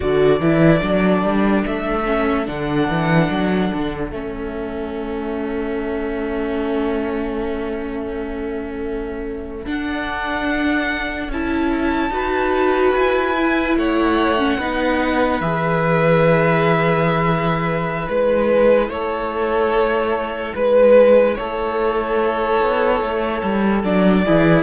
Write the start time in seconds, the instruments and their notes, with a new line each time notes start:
0.00 cello D3, viola F#4, violin A4 D5
0.40 cello E3, viola E4
0.80 cello F#3, viola D4
1.22 cello G3
1.66 cello A3, violin E5
2.05 viola C#4
2.45 cello D3, viola D4, violin F#5
2.88 cello E3
3.30 cello F#3
3.73 cello D3
4.11 cello A3, viola C#4, violin E5
9.65 viola D4, cello D4, violin F#5
11.28 cello C#4, viola E4, violin A5
12.09 cello D#4, viola F#4, violin B4
12.93 cello E4, violin G#5
13.37 viola E4
13.75 cello A3, violin C#5 F#5
14.38 viola C#4
14.58 cello B3, viola D#4, violin B4
15.40 cello E3, viola G#4, violin E5
18.05 cello G#3, viola E4, violin B4
18.89 cello A3, violin A4 C#5
20.55 cello G#3, violin B4
21.35 cello A3, violin A4 C#5
22.61 cello B3
23.00 cello A3
23.43 cello G3
23.83 cello F#3, viola D4, violin D5
24.24 cello E3, viola E4, violin G#4